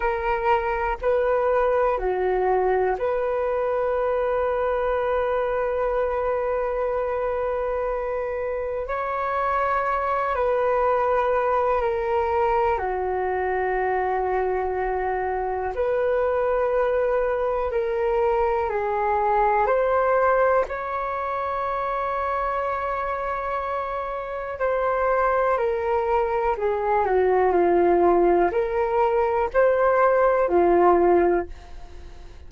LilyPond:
\new Staff \with { instrumentName = "flute" } { \time 4/4 \tempo 4 = 61 ais'4 b'4 fis'4 b'4~ | b'1~ | b'4 cis''4. b'4. | ais'4 fis'2. |
b'2 ais'4 gis'4 | c''4 cis''2.~ | cis''4 c''4 ais'4 gis'8 fis'8 | f'4 ais'4 c''4 f'4 | }